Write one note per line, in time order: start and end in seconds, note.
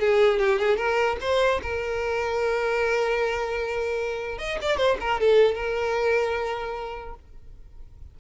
0.00 0.39 G#4
0.39 0.59 G4
0.59 0.77 G#4
0.77 1.17 A#4
1.21 1.61 C5
1.62 4.39 A#4
4.39 4.59 D#5
4.61 4.77 D5
4.77 4.97 C5
5.01 5.21 A#4
5.21 5.55 A4
5.55 7.15 A#4